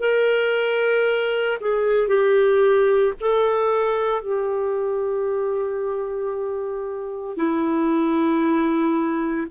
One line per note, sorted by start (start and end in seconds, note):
0.00 1.58 A#4
1.61 2.08 G#4
2.08 3.13 G4
3.20 4.22 A4
4.22 7.37 G4
7.37 9.47 E4